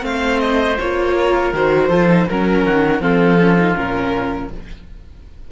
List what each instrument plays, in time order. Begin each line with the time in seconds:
0.00 cello A3, viola C4, oboe C5, violin F5
0.40 violin D#5
0.79 cello A#3, viola F4, violin C#5
1.16 oboe A#4
1.52 cello D#3, viola F#4, violin C5
1.88 cello F3, viola F4, oboe A4
2.08 viola D#4
2.28 cello F#3, viola C#4, violin A#4, oboe A#4
2.65 cello D#3, oboe F#4
3.00 cello F3, viola C4, oboe F4, violin A4
3.40 viola C#4
3.58 viola D#4
3.74 cello A#2, viola C#4, violin A#4